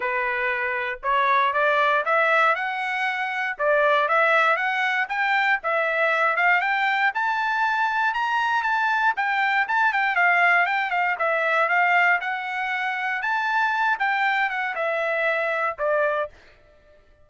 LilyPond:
\new Staff \with { instrumentName = "trumpet" } { \time 4/4 \tempo 4 = 118 b'2 cis''4 d''4 | e''4 fis''2 d''4 | e''4 fis''4 g''4 e''4~ | e''8 f''8 g''4 a''2 |
ais''4 a''4 g''4 a''8 g''8 | f''4 g''8 f''8 e''4 f''4 | fis''2 a''4. g''8~ | g''8 fis''8 e''2 d''4 | }